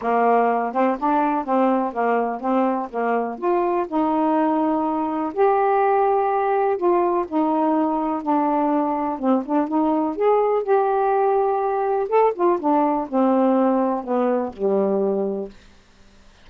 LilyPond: \new Staff \with { instrumentName = "saxophone" } { \time 4/4 \tempo 4 = 124 ais4. c'8 d'4 c'4 | ais4 c'4 ais4 f'4 | dis'2. g'4~ | g'2 f'4 dis'4~ |
dis'4 d'2 c'8 d'8 | dis'4 gis'4 g'2~ | g'4 a'8 f'8 d'4 c'4~ | c'4 b4 g2 | }